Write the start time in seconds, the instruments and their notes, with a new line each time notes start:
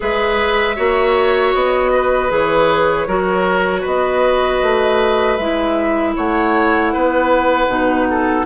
0.00 bassoon G#3, clarinet G#4, oboe B4, flute E5
0.75 bassoon A#3, clarinet F#4, oboe C#5
1.54 bassoon B3, flute D#5
1.93 oboe B4
2.29 bassoon E3, clarinet G#4, flute C#5
3.07 bassoon F#3, clarinet F#4, oboe A#4
3.80 bassoon B3, oboe B4, flute D#5
4.62 bassoon A3
5.36 bassoon G#3, clarinet E4, flute E5
6.16 bassoon A3, oboe C#5, flute F#5
6.92 bassoon B3, oboe B4
7.67 bassoon B2, clarinet D#4
8.09 oboe A4